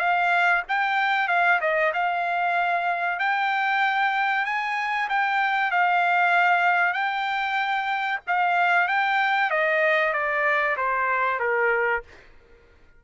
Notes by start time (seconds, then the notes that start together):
0.00 F5
0.69 G5
1.28 F5
1.61 D#5
1.94 F5
3.20 G5
4.46 G#5
5.09 G5
5.72 F5
6.94 G5
8.27 F5
8.88 G5
9.51 D#5
10.14 D5
10.77 C5
11.40 A#4